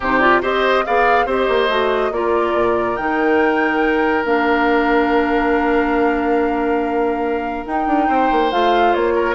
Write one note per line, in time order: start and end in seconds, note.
0.00 0.42 C3
0.00 0.21 D#4
0.00 0.41 G4
0.00 0.19 C5
0.19 0.42 F4
0.19 0.40 D5
0.41 0.85 C4
0.41 0.84 G4
0.41 0.84 C5
0.41 0.85 D#5
0.85 1.26 B3
0.85 1.26 G#4
0.85 1.26 D5
0.85 1.28 F5
1.26 1.47 C4
1.26 1.69 G4
1.26 2.11 C5
1.26 2.13 D#5
1.48 1.69 A#3
1.69 2.11 A3
1.69 2.11 F#4
2.11 2.53 A#3
2.11 2.97 F4
2.11 8.07 A#4
2.11 2.96 D5
2.54 2.96 A#2
2.96 4.25 D#3
2.96 4.24 D#4
2.96 4.23 G5
4.24 7.65 A#3
4.24 7.64 D4
4.24 7.66 F5
7.66 7.87 D#4
7.66 8.51 D#4
7.66 8.51 G5
7.87 8.08 D4
8.07 8.30 C4
8.07 9.13 C5
8.31 8.52 A#3
8.51 8.94 A3
8.51 9.35 F4
8.51 8.94 F5
8.94 9.35 A#3
8.94 9.35 C#5
9.15 9.35 A#4